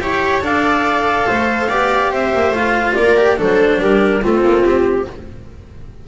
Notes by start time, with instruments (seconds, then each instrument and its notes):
0.00 double bass E4, cello G4, viola C#5, clarinet G5
0.42 double bass D4, cello A4, viola D5, clarinet F5
1.27 double bass A3, viola C5
1.69 double bass B3, cello G4, viola D5
2.11 double bass C4, viola C5, clarinet E5
2.33 double bass A#3
2.51 double bass A3, cello F4, clarinet F5
2.94 double bass A#3, viola A#4, clarinet D5
3.17 cello G4
3.37 double bass F#3, cello D4, viola A4, clarinet C5
3.81 double bass G3, viola G4, clarinet A#4
4.22 double bass A3, cello C4, viola F4, clarinet A4
4.43 double bass A#3
4.64 double bass C4, clarinet G4